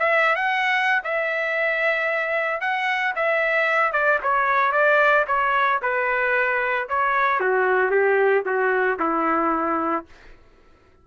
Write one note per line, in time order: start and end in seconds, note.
0.00 0.36 E5
0.36 1.02 F#5
1.05 2.61 E5
2.61 3.14 F#5
3.16 3.93 E5
3.93 4.19 D5
4.23 4.73 C#5
4.73 5.26 D5
5.28 5.81 C#5
5.83 6.89 B4
6.89 7.40 C#5
7.40 7.91 F#4
7.91 8.44 G4
8.46 8.99 F#4
9.00 10.06 E4